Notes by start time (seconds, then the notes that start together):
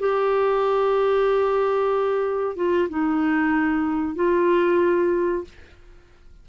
0.00 G4
2.56 F4
2.89 D#4
4.16 F4